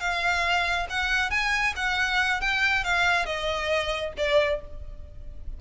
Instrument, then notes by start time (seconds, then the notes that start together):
violin
0.00 F5
0.90 F#5
1.30 G#5
1.76 F#5
2.41 G5
2.84 F5
3.26 D#5
4.17 D5